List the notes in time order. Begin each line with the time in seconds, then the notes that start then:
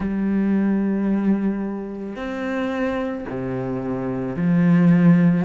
0.00 G3
2.15 C4
3.29 C3
4.35 F3